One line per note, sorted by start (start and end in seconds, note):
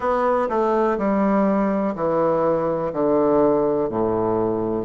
0.00 0.48 B3
0.49 0.97 A3
0.98 1.94 G3
1.95 2.92 E3
2.93 3.89 D3
3.89 4.85 A2